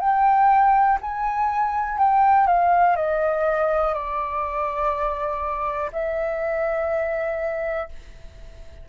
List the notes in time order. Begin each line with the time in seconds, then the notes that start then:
0.00 G5
1.01 G#5
1.98 G5
2.47 F5
2.96 D#5
3.94 D5
5.92 E5